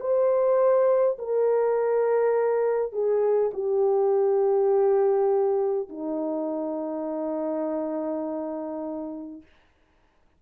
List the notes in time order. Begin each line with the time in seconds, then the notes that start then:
0.00 C5
1.18 A#4
2.93 G#4
3.53 G4
5.89 D#4